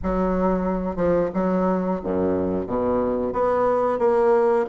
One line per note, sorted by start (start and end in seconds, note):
0.02 0.96 F#3
0.96 1.29 F3
1.33 2.00 F#3
2.03 2.67 F#2
2.67 3.32 B2
3.32 3.98 B3
3.98 4.65 A#3